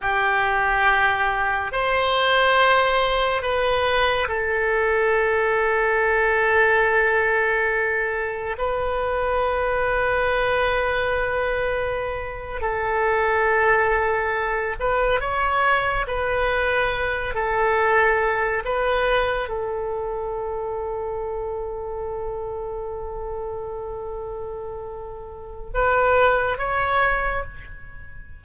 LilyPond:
\new Staff \with { instrumentName = "oboe" } { \time 4/4 \tempo 4 = 70 g'2 c''2 | b'4 a'2.~ | a'2 b'2~ | b'2~ b'8. a'4~ a'16~ |
a'4~ a'16 b'8 cis''4 b'4~ b'16~ | b'16 a'4. b'4 a'4~ a'16~ | a'1~ | a'2 b'4 cis''4 | }